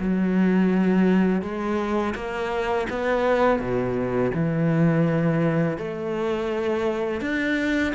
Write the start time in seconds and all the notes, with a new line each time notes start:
0.00 F#3
1.42 G#3
2.16 A#3
2.90 B3
3.60 B2
4.35 E3
5.78 A3
7.22 D4